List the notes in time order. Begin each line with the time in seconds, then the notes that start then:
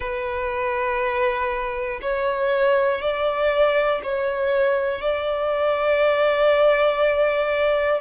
0.00 B4
2.01 C#5
3.00 D5
4.03 C#5
5.01 D5